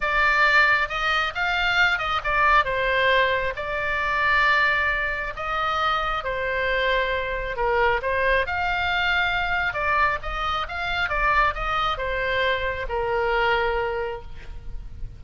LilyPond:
\new Staff \with { instrumentName = "oboe" } { \time 4/4 \tempo 4 = 135 d''2 dis''4 f''4~ | f''8 dis''8 d''4 c''2 | d''1 | dis''2 c''2~ |
c''4 ais'4 c''4 f''4~ | f''2 d''4 dis''4 | f''4 d''4 dis''4 c''4~ | c''4 ais'2. | }